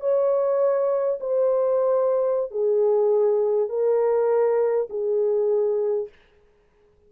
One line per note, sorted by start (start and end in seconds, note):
0.00 1.19 C#5
1.20 2.51 C5
2.51 3.69 G#4
3.69 4.88 A#4
4.90 6.08 G#4